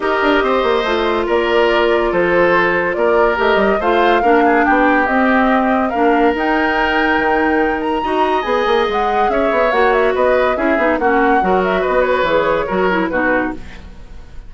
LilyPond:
<<
  \new Staff \with { instrumentName = "flute" } { \time 4/4 \tempo 4 = 142 dis''2. d''4~ | d''4 c''2 d''4 | dis''4 f''2 g''4 | dis''2 f''4 g''4~ |
g''2~ g''8 ais''4. | gis''4 fis''4 e''4 fis''8 e''8 | dis''4 e''4 fis''4. e''8 | dis''8 cis''2~ cis''8 b'4 | }
  \new Staff \with { instrumentName = "oboe" } { \time 4/4 ais'4 c''2 ais'4~ | ais'4 a'2 ais'4~ | ais'4 c''4 ais'8 gis'8 g'4~ | g'2 ais'2~ |
ais'2. dis''4~ | dis''2 cis''2 | b'4 gis'4 fis'4 ais'4 | b'2 ais'4 fis'4 | }
  \new Staff \with { instrumentName = "clarinet" } { \time 4/4 g'2 f'2~ | f'1 | g'4 f'4 d'2 | c'2 d'4 dis'4~ |
dis'2. fis'4 | gis'2. fis'4~ | fis'4 e'8 dis'8 cis'4 fis'4~ | fis'4 gis'4 fis'8 e'8 dis'4 | }
  \new Staff \with { instrumentName = "bassoon" } { \time 4/4 dis'8 d'8 c'8 ais8 a4 ais4~ | ais4 f2 ais4 | a8 g8 a4 ais4 b4 | c'2 ais4 dis'4~ |
dis'4 dis2 dis'4 | b8 ais8 gis4 cis'8 b8 ais4 | b4 cis'8 b8 ais4 fis4 | b4 e4 fis4 b,4 | }
>>